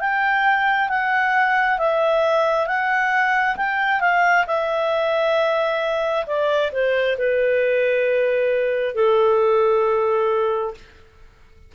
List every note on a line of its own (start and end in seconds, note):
0.00 0.89 G5
0.89 1.79 F#5
1.79 2.67 E5
2.67 3.56 F#5
3.57 4.01 G5
4.01 4.45 F5
4.47 6.26 E5
6.26 6.71 D5
6.72 7.17 C5
7.18 8.95 B4
8.95 10.74 A4